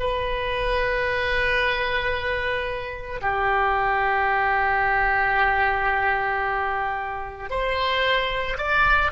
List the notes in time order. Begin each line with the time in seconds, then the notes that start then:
0.00 B4
3.22 G4
7.50 C5
8.58 D5